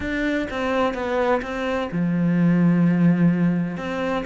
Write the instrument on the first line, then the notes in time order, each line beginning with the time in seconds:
cello
0.00 D4
0.50 C4
0.93 B3
1.42 C4
1.91 F3
3.77 C4